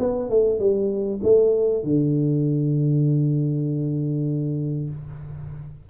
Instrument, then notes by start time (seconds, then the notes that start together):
tuba
0.00 B3
0.30 A3
0.60 G3
1.24 A3
1.84 D3